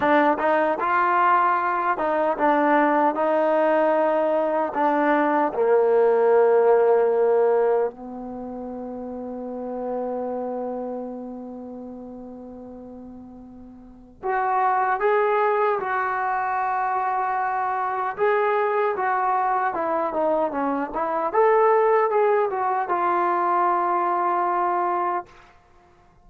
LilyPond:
\new Staff \with { instrumentName = "trombone" } { \time 4/4 \tempo 4 = 76 d'8 dis'8 f'4. dis'8 d'4 | dis'2 d'4 ais4~ | ais2 b2~ | b1~ |
b2 fis'4 gis'4 | fis'2. gis'4 | fis'4 e'8 dis'8 cis'8 e'8 a'4 | gis'8 fis'8 f'2. | }